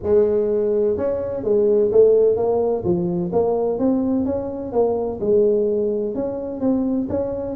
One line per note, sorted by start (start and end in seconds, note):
0.02 0.97 G#3
0.97 1.43 C#4
1.43 1.90 G#3
1.91 2.36 A3
2.36 2.83 A#3
2.84 3.31 F3
3.32 3.78 A#3
3.78 4.25 C4
4.25 4.72 C#4
4.72 5.19 A#3
5.20 6.14 G#3
6.14 6.60 C#4
6.60 7.07 C4
7.09 7.56 C#4